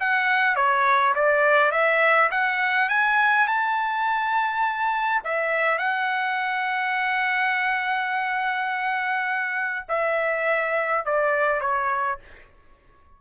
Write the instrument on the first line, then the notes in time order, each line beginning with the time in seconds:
trumpet
0.00 F#5
0.56 C#5
1.15 D5
1.72 E5
2.31 F#5
2.89 G#5
3.48 A5
5.25 E5
5.78 F#5
9.89 E5
11.05 D5
11.61 C#5